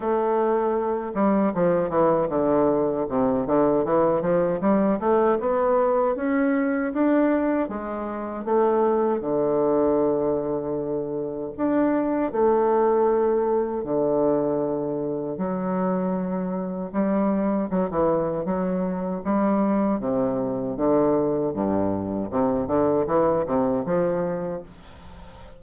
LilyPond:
\new Staff \with { instrumentName = "bassoon" } { \time 4/4 \tempo 4 = 78 a4. g8 f8 e8 d4 | c8 d8 e8 f8 g8 a8 b4 | cis'4 d'4 gis4 a4 | d2. d'4 |
a2 d2 | fis2 g4 fis16 e8. | fis4 g4 c4 d4 | g,4 c8 d8 e8 c8 f4 | }